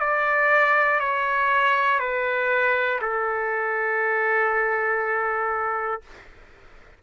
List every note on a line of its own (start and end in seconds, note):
0.00 1.00 D5
1.00 2.00 C#5
2.00 3.00 B4
3.01 6.01 A4